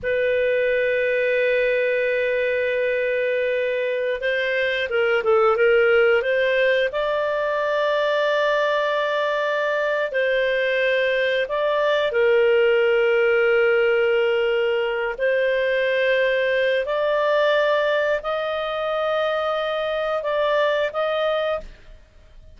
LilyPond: \new Staff \with { instrumentName = "clarinet" } { \time 4/4 \tempo 4 = 89 b'1~ | b'2~ b'16 c''4 ais'8 a'16~ | a'16 ais'4 c''4 d''4.~ d''16~ | d''2. c''4~ |
c''4 d''4 ais'2~ | ais'2~ ais'8 c''4.~ | c''4 d''2 dis''4~ | dis''2 d''4 dis''4 | }